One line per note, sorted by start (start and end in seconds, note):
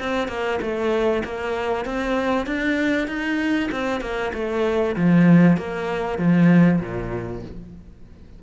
0.00 0.29 C4
0.29 0.60 A#3
0.62 1.24 A3
1.25 1.86 A#3
1.86 2.47 C4
2.47 3.08 D4
3.08 3.70 D#4
3.72 4.01 C4
4.01 4.32 A#3
4.34 4.96 A3
4.97 5.58 F3
5.58 6.19 A#3
6.19 6.81 F3
6.81 7.43 A#2